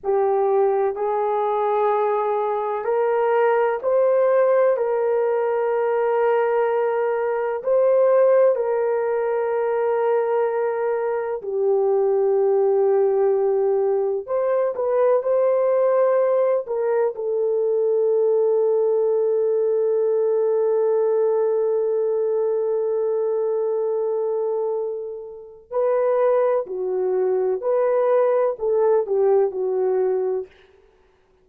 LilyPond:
\new Staff \with { instrumentName = "horn" } { \time 4/4 \tempo 4 = 63 g'4 gis'2 ais'4 | c''4 ais'2. | c''4 ais'2. | g'2. c''8 b'8 |
c''4. ais'8 a'2~ | a'1~ | a'2. b'4 | fis'4 b'4 a'8 g'8 fis'4 | }